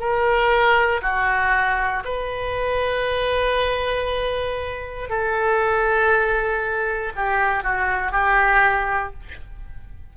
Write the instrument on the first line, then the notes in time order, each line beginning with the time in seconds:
oboe
0.00 A#4
1.03 F#4
2.05 B4
5.10 A4
7.16 G4
7.64 F#4
8.12 G4